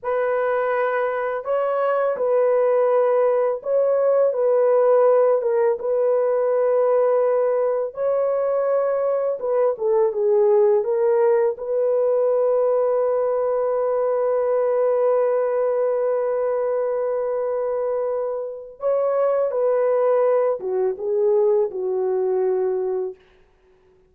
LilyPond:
\new Staff \with { instrumentName = "horn" } { \time 4/4 \tempo 4 = 83 b'2 cis''4 b'4~ | b'4 cis''4 b'4. ais'8 | b'2. cis''4~ | cis''4 b'8 a'8 gis'4 ais'4 |
b'1~ | b'1~ | b'2 cis''4 b'4~ | b'8 fis'8 gis'4 fis'2 | }